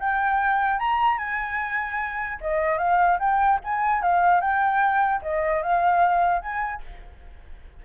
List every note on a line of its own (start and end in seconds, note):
0.00 0.80 G5
0.80 1.19 A#5
1.19 2.39 G#5
2.41 2.78 D#5
2.78 3.19 F5
3.20 3.60 G5
3.65 4.02 G#5
4.02 4.41 F5
4.41 5.22 G5
5.22 5.63 D#5
5.63 6.42 F5
6.42 6.82 G#5